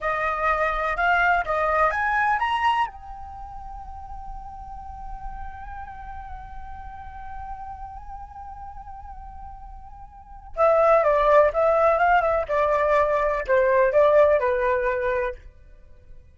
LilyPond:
\new Staff \with { instrumentName = "flute" } { \time 4/4 \tempo 4 = 125 dis''2 f''4 dis''4 | gis''4 ais''4 g''2~ | g''1~ | g''1~ |
g''1~ | g''2 e''4 d''4 | e''4 f''8 e''8 d''2 | c''4 d''4 b'2 | }